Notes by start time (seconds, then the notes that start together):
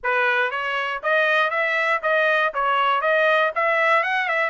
0.03 B4
0.50 C#5
1.02 D#5
1.50 E5
2.02 D#5
2.54 C#5
3.01 D#5
3.55 E5
4.03 F#5
4.28 E5